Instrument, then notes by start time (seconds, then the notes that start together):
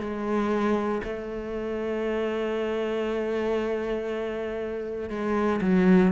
cello
0.00 G#3
1.04 A3
5.10 G#3
5.61 F#3